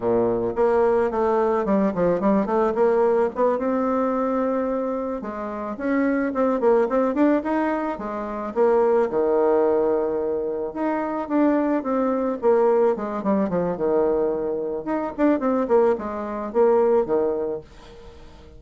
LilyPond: \new Staff \with { instrumentName = "bassoon" } { \time 4/4 \tempo 4 = 109 ais,4 ais4 a4 g8 f8 | g8 a8 ais4 b8 c'4.~ | c'4. gis4 cis'4 c'8 | ais8 c'8 d'8 dis'4 gis4 ais8~ |
ais8 dis2. dis'8~ | dis'8 d'4 c'4 ais4 gis8 | g8 f8 dis2 dis'8 d'8 | c'8 ais8 gis4 ais4 dis4 | }